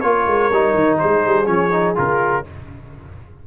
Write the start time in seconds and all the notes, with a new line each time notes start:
0.00 A#3 F4 A#4 C#5
0.27 G#3
0.51 G3 D#4
0.74 D#3
0.98 G#3 G#4 C5
1.26 G3
1.45 F3 C#4 C#5
1.72 D#4
1.95 C#3 F4 A#4